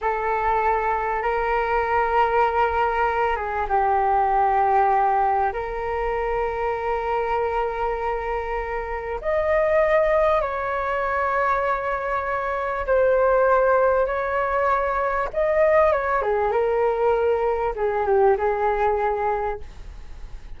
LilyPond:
\new Staff \with { instrumentName = "flute" } { \time 4/4 \tempo 4 = 98 a'2 ais'2~ | ais'4. gis'8 g'2~ | g'4 ais'2.~ | ais'2. dis''4~ |
dis''4 cis''2.~ | cis''4 c''2 cis''4~ | cis''4 dis''4 cis''8 gis'8 ais'4~ | ais'4 gis'8 g'8 gis'2 | }